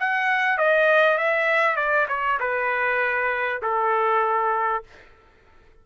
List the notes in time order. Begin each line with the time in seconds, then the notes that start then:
0.00 F#5
0.58 D#5
1.18 E5
1.76 D5
2.08 C#5
2.40 B4
3.62 A4